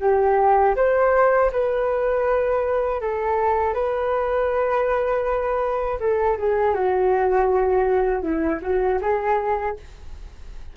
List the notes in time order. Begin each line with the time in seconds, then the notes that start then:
0.00 G4
0.75 C5
1.52 B4
3.01 A4
3.74 B4
6.00 A4
6.38 G#4
6.74 F#4
8.22 E4
8.61 F#4
9.01 G#4